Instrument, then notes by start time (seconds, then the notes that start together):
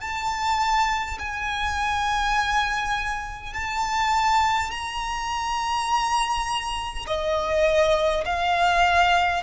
violin
0.00 A5
1.19 G#5
3.53 A5
4.71 A#5
7.06 D#5
8.25 F5